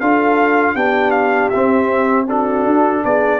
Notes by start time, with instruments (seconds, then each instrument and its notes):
0.00 tuba D4, trombone F4, horn A4, trumpet F5
0.75 tuba B3, trombone D4, horn G4, trumpet G5
1.11 trumpet F5
1.49 trombone C4, tuba C4, trumpet E5
2.26 trombone D4, horn F#4, trumpet A4
2.65 tuba D4
3.05 tuba B3, horn G#4, trumpet D5